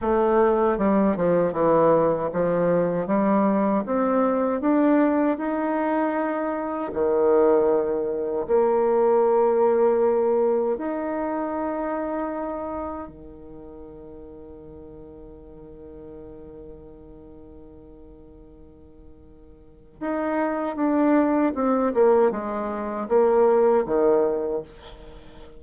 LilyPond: \new Staff \with { instrumentName = "bassoon" } { \time 4/4 \tempo 4 = 78 a4 g8 f8 e4 f4 | g4 c'4 d'4 dis'4~ | dis'4 dis2 ais4~ | ais2 dis'2~ |
dis'4 dis2.~ | dis1~ | dis2 dis'4 d'4 | c'8 ais8 gis4 ais4 dis4 | }